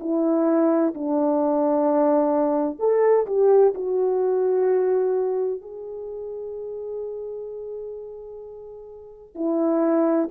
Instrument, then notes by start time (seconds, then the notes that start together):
horn
0.00 E4
0.94 D4
2.79 A4
3.26 G4
3.74 F#4
5.61 G#4
9.35 E4